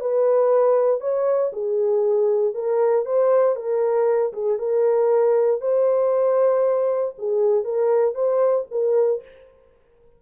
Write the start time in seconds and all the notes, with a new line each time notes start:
0.00 B4
1.00 C#5
1.52 G#4
2.54 A#4
3.05 C5
3.55 A#4
4.33 G#4
4.59 A#4
5.61 C5
7.18 G#4
7.64 A#4
8.14 C5
8.71 A#4